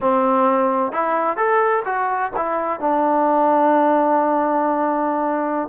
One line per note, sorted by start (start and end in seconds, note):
0.00 0.92 C4
0.92 1.36 E4
1.36 1.83 A4
1.85 2.31 F#4
2.36 2.80 E4
2.80 5.68 D4